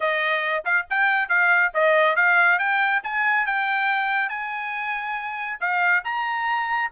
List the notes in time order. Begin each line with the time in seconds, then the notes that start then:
0.00 D#5
0.64 F5
0.89 G5
1.29 F5
1.74 D#5
2.16 F5
2.58 G5
3.03 G#5
3.46 G5
4.29 G#5
5.60 F5
6.04 A#5